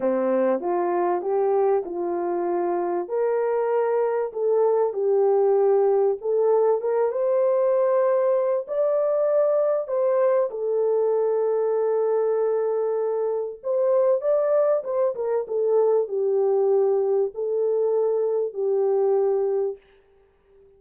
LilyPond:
\new Staff \with { instrumentName = "horn" } { \time 4/4 \tempo 4 = 97 c'4 f'4 g'4 f'4~ | f'4 ais'2 a'4 | g'2 a'4 ais'8 c''8~ | c''2 d''2 |
c''4 a'2.~ | a'2 c''4 d''4 | c''8 ais'8 a'4 g'2 | a'2 g'2 | }